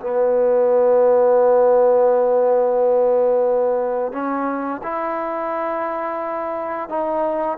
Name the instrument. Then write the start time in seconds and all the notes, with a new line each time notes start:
trombone
0.00 B3
4.12 C#4
4.83 E4
6.89 D#4